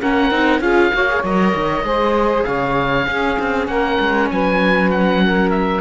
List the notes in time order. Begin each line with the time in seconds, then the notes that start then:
0.00 A#3 C#4 A#4 F#5
0.31 C4 D#4
0.61 C#4 F4 G#4 F5
0.94 A#3 F#4 C#5
1.09 G#4
1.24 F#3 A#4 D#5
1.55 D#3
1.83 G#3 G#4 C5
2.44 C#3 C#5 F5
3.06 C#4 G#4
3.39 C4
3.68 A#3 A#4 F#5
4.00 G#3
4.31 F#3 B4 G#5
4.91 F#5
5.24 A#4
5.51 E5